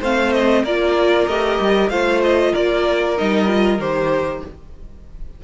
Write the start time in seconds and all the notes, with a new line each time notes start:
0.00 A3 C4 C5 F5
0.33 D#5
0.64 A#3 F4 A#4 D5
1.27 A3 G4 D#5
1.61 G3
1.90 A3 F4 C5 F5
2.24 D#5
2.53 A#3 A#4 D5
3.17 G3 D#4 D#5
3.48 F4
3.79 D#3 G4 C5